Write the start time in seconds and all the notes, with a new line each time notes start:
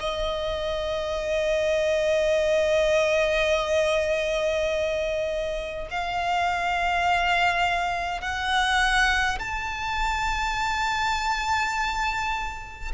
0.00 D#5
5.91 F5
8.21 F#5
9.39 A5